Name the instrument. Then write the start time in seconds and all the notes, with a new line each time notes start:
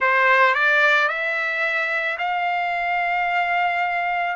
trumpet
0.00 C5
0.54 D5
1.08 E5
2.18 F5